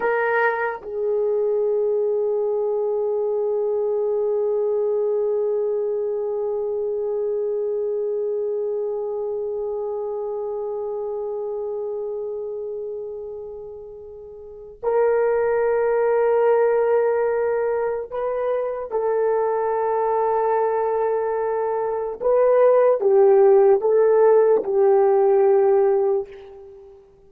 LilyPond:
\new Staff \with { instrumentName = "horn" } { \time 4/4 \tempo 4 = 73 ais'4 gis'2.~ | gis'1~ | gis'1~ | gis'1~ |
gis'2 ais'2~ | ais'2 b'4 a'4~ | a'2. b'4 | g'4 a'4 g'2 | }